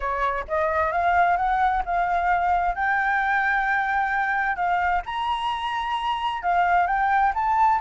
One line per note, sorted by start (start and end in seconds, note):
0.00 0.45 C#5
0.47 0.92 D#5
0.92 1.37 F5
1.37 1.82 F#5
1.85 2.75 F5
2.75 4.56 G5
4.56 5.02 F5
5.05 6.42 A#5
6.42 6.87 F5
6.87 7.32 G5
7.34 7.80 A5